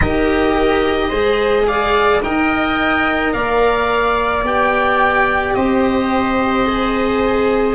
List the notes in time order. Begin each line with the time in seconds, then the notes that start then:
0.00 D#4 G4 A#4 D#5
1.08 G#3 G#4 C5
1.66 D5 F5
2.22 D#4 A#4 D#5 G5
3.32 A#3 D5 F5
4.43 B3 G4 G5
5.54 C4 C5 D#5
6.66 G#4